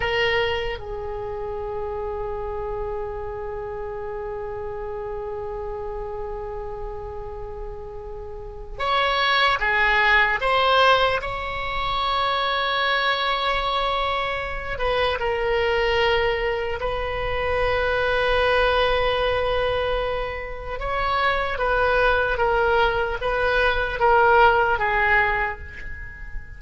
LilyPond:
\new Staff \with { instrumentName = "oboe" } { \time 4/4 \tempo 4 = 75 ais'4 gis'2.~ | gis'1~ | gis'2. cis''4 | gis'4 c''4 cis''2~ |
cis''2~ cis''8 b'8 ais'4~ | ais'4 b'2.~ | b'2 cis''4 b'4 | ais'4 b'4 ais'4 gis'4 | }